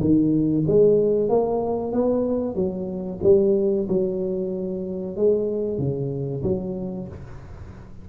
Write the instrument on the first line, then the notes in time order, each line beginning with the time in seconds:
tuba
0.00 D#3
0.67 G#3
1.29 A#3
1.92 B3
2.55 F#3
3.23 G3
3.88 F#3
5.16 G#3
5.78 C#3
6.43 F#3